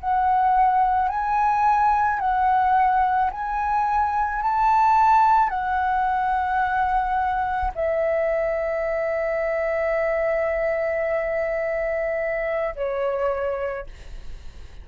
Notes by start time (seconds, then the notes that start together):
0.00 F#5
1.09 G#5
2.20 F#5
3.31 G#5
4.42 A5
5.49 F#5
7.75 E5
12.75 C#5